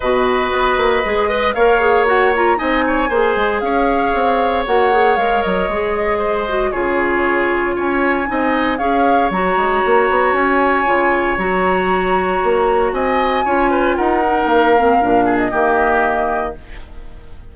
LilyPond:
<<
  \new Staff \with { instrumentName = "flute" } { \time 4/4 \tempo 4 = 116 dis''2. f''4 | fis''8 ais''8 gis''2 f''4~ | f''4 fis''4 f''8 dis''4.~ | dis''4 cis''2 gis''4~ |
gis''4 f''4 ais''2 | gis''2 ais''2~ | ais''4 gis''2 fis''4 | f''4.~ f''16 dis''2~ dis''16 | }
  \new Staff \with { instrumentName = "oboe" } { \time 4/4 b'2~ b'8 dis''8 cis''4~ | cis''4 dis''8 cis''8 c''4 cis''4~ | cis''1 | c''4 gis'2 cis''4 |
dis''4 cis''2.~ | cis''1~ | cis''4 dis''4 cis''8 b'8 ais'4~ | ais'4. gis'8 g'2 | }
  \new Staff \with { instrumentName = "clarinet" } { \time 4/4 fis'2 gis'8 b'8 ais'8 gis'8 | fis'8 f'8 dis'4 gis'2~ | gis'4 fis'8 gis'8 ais'4 gis'4~ | gis'8 fis'8 f'2. |
dis'4 gis'4 fis'2~ | fis'4 f'4 fis'2~ | fis'2 f'4. dis'8~ | dis'8 c'8 d'4 ais2 | }
  \new Staff \with { instrumentName = "bassoon" } { \time 4/4 b,4 b8 ais8 gis4 ais4~ | ais4 c'4 ais8 gis8 cis'4 | c'4 ais4 gis8 fis8 gis4~ | gis4 cis2 cis'4 |
c'4 cis'4 fis8 gis8 ais8 b8 | cis'4 cis4 fis2 | ais4 c'4 cis'4 dis'4 | ais4 ais,4 dis2 | }
>>